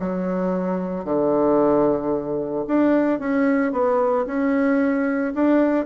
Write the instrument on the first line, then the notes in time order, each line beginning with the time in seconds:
bassoon
0.00 F#3
1.05 D3
2.68 D4
3.20 C#4
3.72 B3
4.27 C#4
5.35 D4